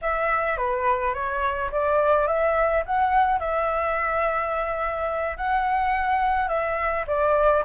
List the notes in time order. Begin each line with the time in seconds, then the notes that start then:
0.01 E5
0.57 B4
1.13 C#5
1.71 D5
2.27 E5
2.85 F#5
3.39 E5
5.37 F#5
6.48 E5
7.07 D5